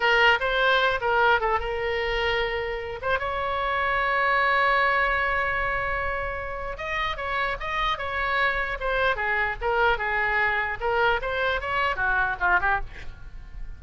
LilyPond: \new Staff \with { instrumentName = "oboe" } { \time 4/4 \tempo 4 = 150 ais'4 c''4. ais'4 a'8 | ais'2.~ ais'8 c''8 | cis''1~ | cis''1~ |
cis''4 dis''4 cis''4 dis''4 | cis''2 c''4 gis'4 | ais'4 gis'2 ais'4 | c''4 cis''4 fis'4 f'8 g'8 | }